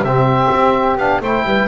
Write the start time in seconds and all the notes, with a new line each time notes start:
0.00 C3 G4 E5
0.07 C4
0.54 C4
0.96 B3 D4 F5
1.20 A3 E4 C5 G5
1.44 G3 B4